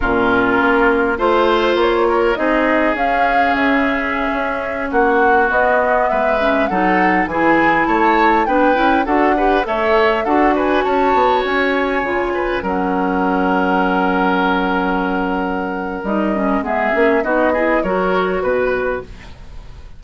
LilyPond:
<<
  \new Staff \with { instrumentName = "flute" } { \time 4/4 \tempo 4 = 101 ais'2 c''4 cis''4 | dis''4 f''4 e''2~ | e''16 fis''4 dis''4 e''4 fis''8.~ | fis''16 gis''4 a''4 g''4 fis''8.~ |
fis''16 e''4 fis''8 gis''8 a''4 gis''8.~ | gis''4~ gis''16 fis''2~ fis''8.~ | fis''2. dis''4 | e''4 dis''4 cis''4 b'4 | }
  \new Staff \with { instrumentName = "oboe" } { \time 4/4 f'2 c''4. ais'8 | gis'1~ | gis'16 fis'2 b'4 a'8.~ | a'16 gis'4 cis''4 b'4 a'8 b'16~ |
b'16 cis''4 a'8 b'8 cis''4.~ cis''16~ | cis''8. b'8 ais'2~ ais'8.~ | ais'1 | gis'4 fis'8 gis'8 ais'4 b'4 | }
  \new Staff \with { instrumentName = "clarinet" } { \time 4/4 cis'2 f'2 | dis'4 cis'2.~ | cis'4~ cis'16 b4. cis'8 dis'8.~ | dis'16 e'2 d'8 e'8 fis'8 g'16~ |
g'16 a'4 fis'2~ fis'8.~ | fis'16 f'4 cis'2~ cis'8.~ | cis'2. dis'8 cis'8 | b8 cis'8 dis'8 e'8 fis'2 | }
  \new Staff \with { instrumentName = "bassoon" } { \time 4/4 ais,4 ais4 a4 ais4 | c'4 cis'4 cis4~ cis16 cis'8.~ | cis'16 ais4 b4 gis4 fis8.~ | fis16 e4 a4 b8 cis'8 d'8.~ |
d'16 a4 d'4 cis'8 b8 cis'8.~ | cis'16 cis4 fis2~ fis8.~ | fis2. g4 | gis8 ais8 b4 fis4 b,4 | }
>>